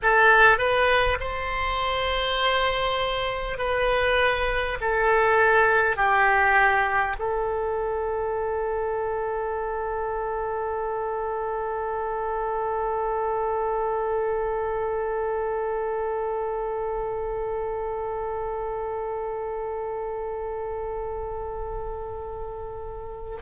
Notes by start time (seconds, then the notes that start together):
0.02 A4
0.58 B4
1.20 C5
3.57 B4
4.80 A4
5.96 G4
7.18 A4